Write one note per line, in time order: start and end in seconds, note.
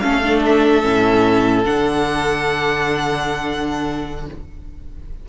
0.00 0.84 A3
0.00 0.22 C#4
0.00 4.26 A4
0.00 0.40 F5
0.23 0.83 D4
0.46 1.65 E5
0.83 1.65 A2
0.83 1.63 C#4
1.65 4.29 D3
1.65 4.27 D4
1.65 4.26 F#5